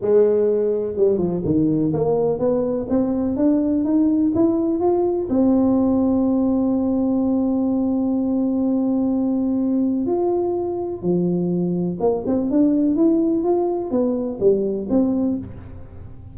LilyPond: \new Staff \with { instrumentName = "tuba" } { \time 4/4 \tempo 4 = 125 gis2 g8 f8 dis4 | ais4 b4 c'4 d'4 | dis'4 e'4 f'4 c'4~ | c'1~ |
c'1~ | c'4 f'2 f4~ | f4 ais8 c'8 d'4 e'4 | f'4 b4 g4 c'4 | }